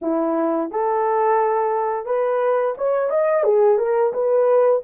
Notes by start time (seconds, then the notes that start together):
0.01 E4
0.70 A4
2.05 B4
2.77 C#5
3.09 D#5
3.43 G#4
3.78 A#4
4.13 B4